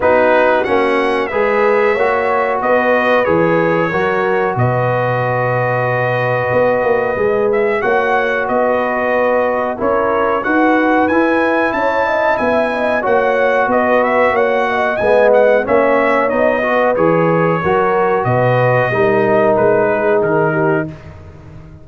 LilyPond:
<<
  \new Staff \with { instrumentName = "trumpet" } { \time 4/4 \tempo 4 = 92 b'4 fis''4 e''2 | dis''4 cis''2 dis''4~ | dis''2.~ dis''8 e''8 | fis''4 dis''2 cis''4 |
fis''4 gis''4 a''4 gis''4 | fis''4 dis''8 e''8 fis''4 gis''8 fis''8 | e''4 dis''4 cis''2 | dis''2 b'4 ais'4 | }
  \new Staff \with { instrumentName = "horn" } { \time 4/4 fis'2 b'4 cis''4 | b'2 ais'4 b'4~ | b'1 | cis''4 b'2 ais'4 |
b'2 cis''8 dis''8 e''8 dis''8 | cis''4 b'4 cis''8 dis''4. | cis''4. b'4. ais'4 | b'4 ais'4. gis'4 g'8 | }
  \new Staff \with { instrumentName = "trombone" } { \time 4/4 dis'4 cis'4 gis'4 fis'4~ | fis'4 gis'4 fis'2~ | fis'2. gis'4 | fis'2. e'4 |
fis'4 e'2. | fis'2. b4 | cis'4 dis'8 fis'8 gis'4 fis'4~ | fis'4 dis'2. | }
  \new Staff \with { instrumentName = "tuba" } { \time 4/4 b4 ais4 gis4 ais4 | b4 e4 fis4 b,4~ | b,2 b8 ais8 gis4 | ais4 b2 cis'4 |
dis'4 e'4 cis'4 b4 | ais4 b4 ais4 gis4 | ais4 b4 e4 fis4 | b,4 g4 gis4 dis4 | }
>>